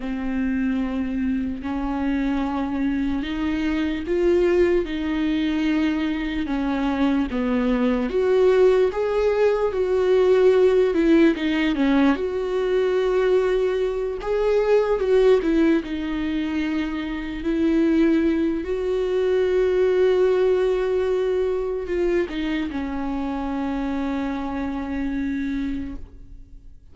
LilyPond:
\new Staff \with { instrumentName = "viola" } { \time 4/4 \tempo 4 = 74 c'2 cis'2 | dis'4 f'4 dis'2 | cis'4 b4 fis'4 gis'4 | fis'4. e'8 dis'8 cis'8 fis'4~ |
fis'4. gis'4 fis'8 e'8 dis'8~ | dis'4. e'4. fis'4~ | fis'2. f'8 dis'8 | cis'1 | }